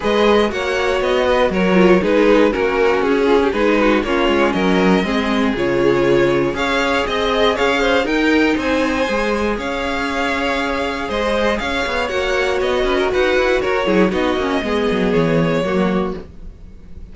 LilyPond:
<<
  \new Staff \with { instrumentName = "violin" } { \time 4/4 \tempo 4 = 119 dis''4 fis''4 dis''4 cis''4 | b'4 ais'4 gis'4 b'4 | cis''4 dis''2 cis''4~ | cis''4 f''4 dis''4 f''4 |
g''4 gis''2 f''4~ | f''2 dis''4 f''4 | fis''4 dis''4 fis''4 cis''4 | dis''2 cis''2 | }
  \new Staff \with { instrumentName = "violin" } { \time 4/4 b'4 cis''4. b'8 ais'4 | gis'4 fis'4. f'16 g'16 gis'8 fis'8 | f'4 ais'4 gis'2~ | gis'4 cis''4 dis''4 cis''8 c''8 |
ais'4 c''2 cis''4~ | cis''2 c''4 cis''4~ | cis''4. b'16 ais'16 b'4 ais'8 gis'8 | fis'4 gis'2 fis'4 | }
  \new Staff \with { instrumentName = "viola" } { \time 4/4 gis'4 fis'2~ fis'8 f'8 | dis'4 cis'2 dis'4 | cis'2 c'4 f'4~ | f'4 gis'2. |
dis'2 gis'2~ | gis'1 | fis'2.~ fis'8 e'8 | dis'8 cis'8 b2 ais4 | }
  \new Staff \with { instrumentName = "cello" } { \time 4/4 gis4 ais4 b4 fis4 | gis4 ais4 cis'4 gis4 | ais8 gis8 fis4 gis4 cis4~ | cis4 cis'4 c'4 cis'4 |
dis'4 c'4 gis4 cis'4~ | cis'2 gis4 cis'8 b8 | ais4 b8 cis'8 dis'8 e'8 fis'8 fis8 | b8 ais8 gis8 fis8 e4 fis4 | }
>>